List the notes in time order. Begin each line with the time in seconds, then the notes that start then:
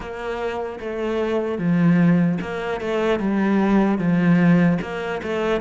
0.00 A#3
0.80 A3
1.58 F3
2.41 A#3
2.80 A3
3.19 G3
3.98 F3
4.81 A#3
5.23 A3